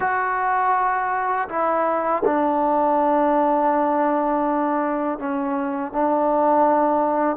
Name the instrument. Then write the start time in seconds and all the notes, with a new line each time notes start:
trombone
0.00 F#4
1.48 E4
2.24 D4
5.19 C#4
5.92 D4